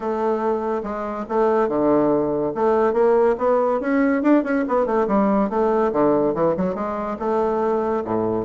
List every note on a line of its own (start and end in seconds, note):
0.00 0.82 A3
0.83 1.25 G#3
1.28 1.68 A3
1.68 2.52 D3
2.54 2.93 A3
2.93 3.35 A#3
3.38 3.80 B3
3.80 4.22 C#4
4.22 4.43 D4
4.43 4.64 C#4
4.67 4.86 B3
4.86 5.07 A3
5.07 5.49 G3
5.49 5.92 A3
5.92 6.34 D3
6.34 6.55 E3
6.56 6.74 F#3
6.74 7.17 G#3
7.19 8.03 A3
8.04 8.45 A2